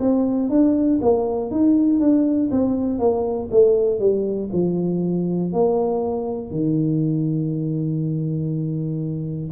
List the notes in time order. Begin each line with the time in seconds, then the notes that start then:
0.00 C4
0.50 D4
1.01 A#3
1.50 D#4
2.00 D4
2.51 C4
2.99 A#3
3.51 A3
4.00 G3
4.53 F3
5.53 A#3
6.50 D#3